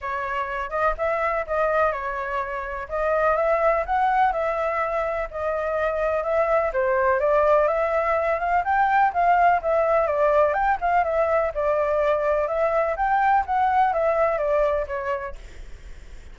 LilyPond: \new Staff \with { instrumentName = "flute" } { \time 4/4 \tempo 4 = 125 cis''4. dis''8 e''4 dis''4 | cis''2 dis''4 e''4 | fis''4 e''2 dis''4~ | dis''4 e''4 c''4 d''4 |
e''4. f''8 g''4 f''4 | e''4 d''4 g''8 f''8 e''4 | d''2 e''4 g''4 | fis''4 e''4 d''4 cis''4 | }